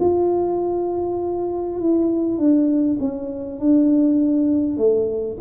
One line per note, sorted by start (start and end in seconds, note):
0.00 1.79 F4
1.79 2.38 E4
2.38 2.98 D4
2.99 3.59 C#4
3.59 4.77 D4
4.77 5.37 A3